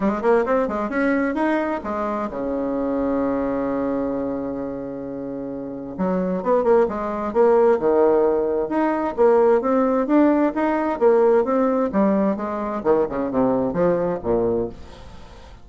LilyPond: \new Staff \with { instrumentName = "bassoon" } { \time 4/4 \tempo 4 = 131 gis8 ais8 c'8 gis8 cis'4 dis'4 | gis4 cis2.~ | cis1~ | cis4 fis4 b8 ais8 gis4 |
ais4 dis2 dis'4 | ais4 c'4 d'4 dis'4 | ais4 c'4 g4 gis4 | dis8 cis8 c4 f4 ais,4 | }